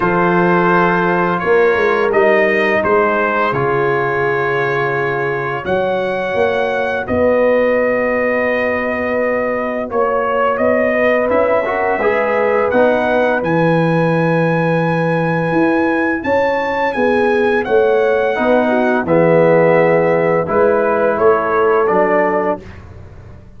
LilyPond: <<
  \new Staff \with { instrumentName = "trumpet" } { \time 4/4 \tempo 4 = 85 c''2 cis''4 dis''4 | c''4 cis''2. | fis''2 dis''2~ | dis''2 cis''4 dis''4 |
e''2 fis''4 gis''4~ | gis''2. a''4 | gis''4 fis''2 e''4~ | e''4 b'4 cis''4 d''4 | }
  \new Staff \with { instrumentName = "horn" } { \time 4/4 a'2 ais'2 | gis'1 | cis''2 b'2~ | b'2 cis''4. b'8~ |
b'8 ais'8 b'2.~ | b'2. cis''4 | gis'4 cis''4 b'8 fis'8 gis'4~ | gis'4 b'4 a'2 | }
  \new Staff \with { instrumentName = "trombone" } { \time 4/4 f'2. dis'4~ | dis'4 f'2. | fis'1~ | fis'1 |
e'8 fis'8 gis'4 dis'4 e'4~ | e'1~ | e'2 dis'4 b4~ | b4 e'2 d'4 | }
  \new Staff \with { instrumentName = "tuba" } { \time 4/4 f2 ais8 gis8 g4 | gis4 cis2. | fis4 ais4 b2~ | b2 ais4 b4 |
cis'4 gis4 b4 e4~ | e2 e'4 cis'4 | b4 a4 b4 e4~ | e4 gis4 a4 fis4 | }
>>